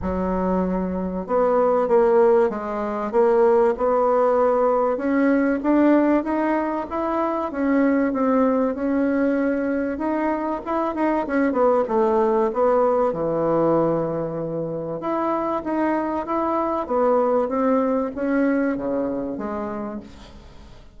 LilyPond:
\new Staff \with { instrumentName = "bassoon" } { \time 4/4 \tempo 4 = 96 fis2 b4 ais4 | gis4 ais4 b2 | cis'4 d'4 dis'4 e'4 | cis'4 c'4 cis'2 |
dis'4 e'8 dis'8 cis'8 b8 a4 | b4 e2. | e'4 dis'4 e'4 b4 | c'4 cis'4 cis4 gis4 | }